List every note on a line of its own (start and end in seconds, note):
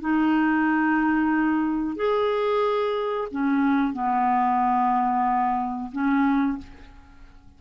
0.00 1.96 D#4
1.96 3.28 G#4
3.31 3.93 C#4
3.93 5.90 B3
5.92 6.58 C#4